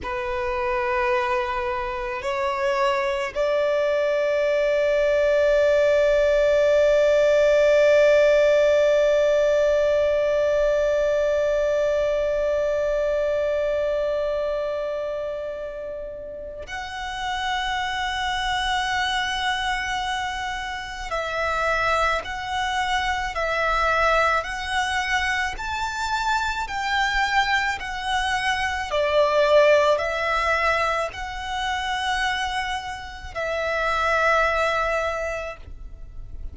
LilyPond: \new Staff \with { instrumentName = "violin" } { \time 4/4 \tempo 4 = 54 b'2 cis''4 d''4~ | d''1~ | d''1~ | d''2. fis''4~ |
fis''2. e''4 | fis''4 e''4 fis''4 a''4 | g''4 fis''4 d''4 e''4 | fis''2 e''2 | }